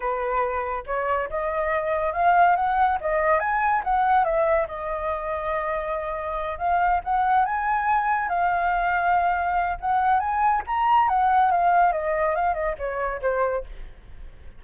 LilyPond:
\new Staff \with { instrumentName = "flute" } { \time 4/4 \tempo 4 = 141 b'2 cis''4 dis''4~ | dis''4 f''4 fis''4 dis''4 | gis''4 fis''4 e''4 dis''4~ | dis''2.~ dis''8 f''8~ |
f''8 fis''4 gis''2 f''8~ | f''2. fis''4 | gis''4 ais''4 fis''4 f''4 | dis''4 f''8 dis''8 cis''4 c''4 | }